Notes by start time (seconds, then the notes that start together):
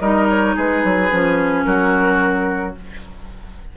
0.00 G3 D#4 A#4 D#5
0.30 C#5
0.56 G#3 G#4 B4
0.85 F#3
1.11 F3 C#4
1.65 F#3 F#4 A#4